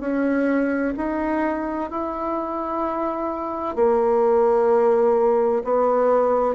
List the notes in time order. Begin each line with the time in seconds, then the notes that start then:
0.00 C#4
0.97 D#4
1.90 E4
3.75 A#3
5.64 B3